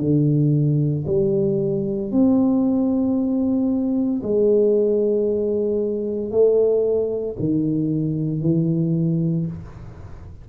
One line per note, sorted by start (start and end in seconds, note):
0.00 1.05 D3
1.07 2.11 G3
2.11 4.22 C4
4.23 6.31 G#3
6.31 7.36 A3
7.39 8.41 D#3
8.41 9.46 E3